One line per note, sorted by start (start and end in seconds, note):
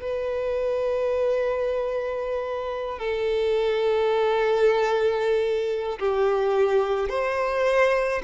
0.00 2.98 B4
2.98 5.98 A4
5.99 7.09 G4
7.09 8.21 C5